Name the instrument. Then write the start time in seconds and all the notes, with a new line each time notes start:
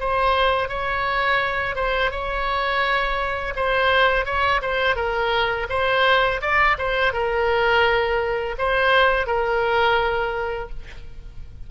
oboe
0.00 C5
0.69 C#5
1.76 C5
2.11 C#5
3.56 C5
4.26 C#5
4.62 C5
4.96 A#4
5.70 C5
6.42 D5
6.78 C5
7.13 A#4
8.58 C5
9.27 A#4